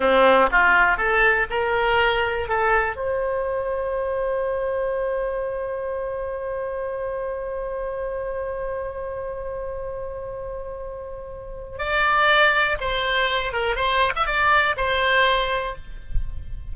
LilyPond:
\new Staff \with { instrumentName = "oboe" } { \time 4/4 \tempo 4 = 122 c'4 f'4 a'4 ais'4~ | ais'4 a'4 c''2~ | c''1~ | c''1~ |
c''1~ | c''1 | d''2 c''4. ais'8 | c''8. e''16 d''4 c''2 | }